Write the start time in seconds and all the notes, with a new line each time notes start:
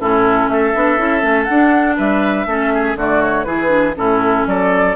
0.00 A2 C#4 E4 A4
0.48 A3 A4 E5
0.75 B3 D4
0.98 C#4 E4
1.21 A3 C#4
1.44 D4 F#5
1.96 G3 B4 E5
2.46 A3 C#4 A4
2.74 G#4
2.96 D3 A3 F#4 D5
3.21 C#5
3.44 E3 E4 G#4 B4
3.68 D4
3.96 A2 C#4 E4 A4
4.46 F#3 A4 D5